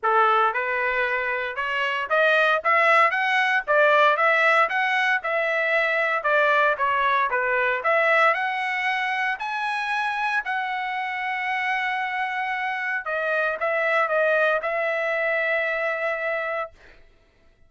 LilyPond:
\new Staff \with { instrumentName = "trumpet" } { \time 4/4 \tempo 4 = 115 a'4 b'2 cis''4 | dis''4 e''4 fis''4 d''4 | e''4 fis''4 e''2 | d''4 cis''4 b'4 e''4 |
fis''2 gis''2 | fis''1~ | fis''4 dis''4 e''4 dis''4 | e''1 | }